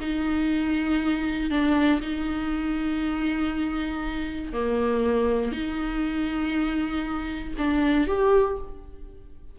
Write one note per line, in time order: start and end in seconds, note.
0.00 1.50 D#4
1.50 2.01 D4
2.01 4.53 D#4
4.53 5.52 A#3
5.52 7.53 D#4
7.58 8.07 D4
8.07 8.57 G4